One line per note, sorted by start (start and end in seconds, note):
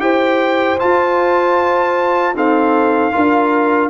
0.00 0.79 E4
0.00 0.78 G4
0.00 2.36 C5
0.00 0.79 G5
0.79 2.35 F4
0.79 2.36 A5
2.35 3.12 C4
2.35 3.13 D#4
2.35 3.14 A4
2.35 3.90 F5
3.12 3.90 D4
3.12 3.90 F4
3.12 3.90 A#4